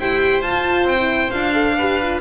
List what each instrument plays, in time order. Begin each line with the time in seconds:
0.00 double bass E4, horn G4, oboe C5, violin G5
0.42 double bass F4, horn F4, violin A5
0.85 double bass C4, violin G5
0.98 horn E4
1.31 double bass D4, horn F4, violin F5
1.53 horn A4
1.78 horn G4, oboe B4
2.03 horn F4